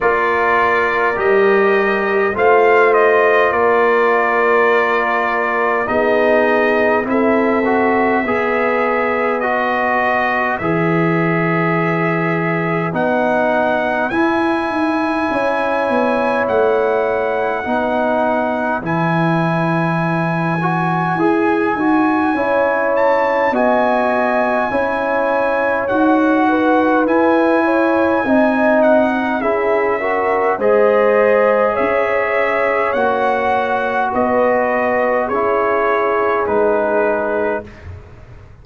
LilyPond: <<
  \new Staff \with { instrumentName = "trumpet" } { \time 4/4 \tempo 4 = 51 d''4 dis''4 f''8 dis''8 d''4~ | d''4 dis''4 e''2 | dis''4 e''2 fis''4 | gis''2 fis''2 |
gis''2.~ gis''8 a''8 | gis''2 fis''4 gis''4~ | gis''8 fis''8 e''4 dis''4 e''4 | fis''4 dis''4 cis''4 b'4 | }
  \new Staff \with { instrumentName = "horn" } { \time 4/4 ais'2 c''4 ais'4~ | ais'4 gis'4 a'4 b'4~ | b'1~ | b'4 cis''2 b'4~ |
b'2. cis''4 | dis''4 cis''4. b'4 cis''8 | dis''4 gis'8 ais'8 c''4 cis''4~ | cis''4 b'4 gis'2 | }
  \new Staff \with { instrumentName = "trombone" } { \time 4/4 f'4 g'4 f'2~ | f'4 dis'4 e'8 fis'8 gis'4 | fis'4 gis'2 dis'4 | e'2. dis'4 |
e'4. fis'8 gis'8 fis'8 e'4 | fis'4 e'4 fis'4 e'4 | dis'4 e'8 fis'8 gis'2 | fis'2 e'4 dis'4 | }
  \new Staff \with { instrumentName = "tuba" } { \time 4/4 ais4 g4 a4 ais4~ | ais4 b4 c'4 b4~ | b4 e2 b4 | e'8 dis'8 cis'8 b8 a4 b4 |
e2 e'8 dis'8 cis'4 | b4 cis'4 dis'4 e'4 | c'4 cis'4 gis4 cis'4 | ais4 b4 cis'4 gis4 | }
>>